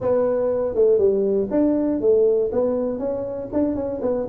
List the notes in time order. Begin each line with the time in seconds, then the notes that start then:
0.00 B3
0.74 A3
0.98 G3
1.50 D4
2.00 A3
2.52 B3
2.98 C#4
3.52 D4
3.75 C#4
4.01 B3